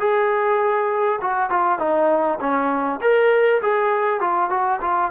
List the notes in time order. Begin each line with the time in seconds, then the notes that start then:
0.00 G#4
1.22 F#4
1.51 F4
1.79 D#4
2.40 C#4
3.02 A#4
3.62 G#4
4.21 F4
4.51 F#4
4.81 F4